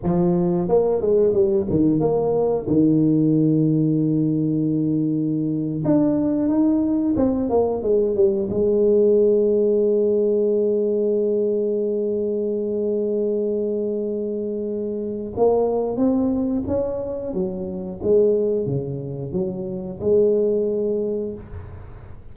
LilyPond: \new Staff \with { instrumentName = "tuba" } { \time 4/4 \tempo 4 = 90 f4 ais8 gis8 g8 dis8 ais4 | dis1~ | dis8. d'4 dis'4 c'8 ais8 gis16~ | gis16 g8 gis2.~ gis16~ |
gis1~ | gis2. ais4 | c'4 cis'4 fis4 gis4 | cis4 fis4 gis2 | }